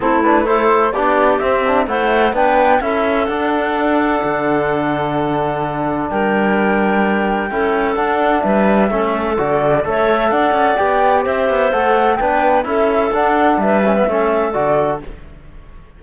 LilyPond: <<
  \new Staff \with { instrumentName = "flute" } { \time 4/4 \tempo 4 = 128 a'8 b'8 c''4 d''4 e''4 | fis''4 g''4 e''4 fis''4~ | fis''1~ | fis''4 g''2.~ |
g''4 fis''4 e''2 | d''4 e''4 fis''4 g''4 | e''4 fis''4 g''4 e''4 | fis''4 e''2 d''4 | }
  \new Staff \with { instrumentName = "clarinet" } { \time 4/4 e'4 a'4 g'2 | c''4 b'4 a'2~ | a'1~ | a'4 ais'2. |
a'2 b'4 a'4~ | a'4 cis''4 d''2 | c''2 b'4 a'4~ | a'4 b'4 a'2 | }
  \new Staff \with { instrumentName = "trombone" } { \time 4/4 c'8 d'8 e'4 d'4 c'8 d'8 | e'4 d'4 e'4 d'4~ | d'1~ | d'1 |
e'4 d'2 cis'4 | fis'4 a'2 g'4~ | g'4 a'4 d'4 e'4 | d'4. cis'16 b16 cis'4 fis'4 | }
  \new Staff \with { instrumentName = "cello" } { \time 4/4 a2 b4 c'4 | a4 b4 cis'4 d'4~ | d'4 d2.~ | d4 g2. |
cis'4 d'4 g4 a4 | d4 a4 d'8 cis'8 b4 | c'8 b8 a4 b4 cis'4 | d'4 g4 a4 d4 | }
>>